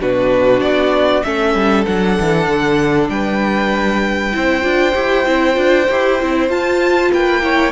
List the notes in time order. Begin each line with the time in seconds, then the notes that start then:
0.00 B2 D4 F#4 B4
0.61 B3 D5
1.23 A3 C#4 A4 E5
1.55 G3
1.86 F#3 D4 F#5
2.20 E3
2.47 D3
3.10 G3 B4 G5
4.33 C4 E4 C5
4.62 D4 F4
4.95 E4 G4
5.26 C4 E4
5.55 D4 F4
5.91 E4 G4
6.21 C4 E4
6.50 F4 A5
7.12 A#3 B4 G5
7.43 E4 C#5